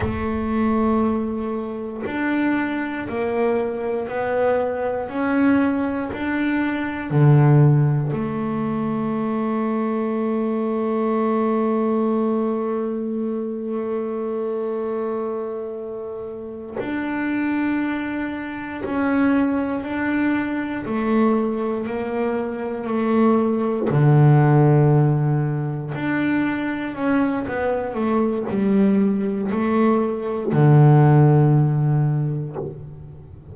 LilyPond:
\new Staff \with { instrumentName = "double bass" } { \time 4/4 \tempo 4 = 59 a2 d'4 ais4 | b4 cis'4 d'4 d4 | a1~ | a1~ |
a8 d'2 cis'4 d'8~ | d'8 a4 ais4 a4 d8~ | d4. d'4 cis'8 b8 a8 | g4 a4 d2 | }